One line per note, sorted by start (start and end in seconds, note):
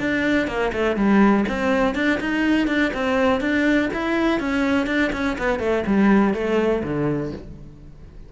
0.00 0.48 D4
0.48 0.72 A#3
0.73 0.97 A3
0.97 1.45 G3
1.49 1.95 C4
1.95 2.20 D4
2.21 2.68 D#4
2.68 2.92 D4
2.94 3.41 C4
3.41 3.90 D4
3.94 4.40 E4
4.40 4.87 C#4
4.87 5.11 D4
5.13 5.38 C#4
5.39 5.60 B3
5.60 5.84 A3
5.87 6.34 G3
6.34 6.83 A3
6.84 7.33 D3